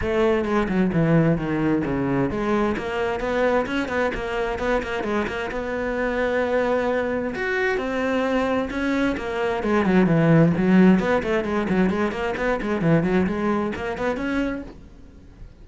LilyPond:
\new Staff \with { instrumentName = "cello" } { \time 4/4 \tempo 4 = 131 a4 gis8 fis8 e4 dis4 | cis4 gis4 ais4 b4 | cis'8 b8 ais4 b8 ais8 gis8 ais8 | b1 |
fis'4 c'2 cis'4 | ais4 gis8 fis8 e4 fis4 | b8 a8 gis8 fis8 gis8 ais8 b8 gis8 | e8 fis8 gis4 ais8 b8 cis'4 | }